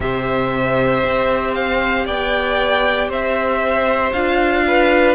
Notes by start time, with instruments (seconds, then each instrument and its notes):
0.00 cello C3, viola G4, violin C5 E5
1.04 cello C4
1.54 violin F5
2.05 cello B3, violin D5 G5
3.08 cello C4, violin C5 E5
4.12 cello D4, viola F4, violin F5
4.67 violin B4